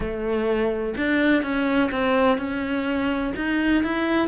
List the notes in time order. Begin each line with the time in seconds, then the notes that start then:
0.00 A3
0.97 D4
1.42 C#4
1.91 C4
2.37 C#4
3.36 D#4
3.83 E4